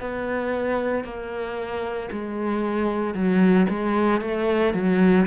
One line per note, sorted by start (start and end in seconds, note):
0.00 1.04 B3
1.04 2.10 A#3
2.12 3.14 G#3
3.14 3.67 F#3
3.69 4.22 G#3
4.22 4.74 A3
4.74 5.27 F#3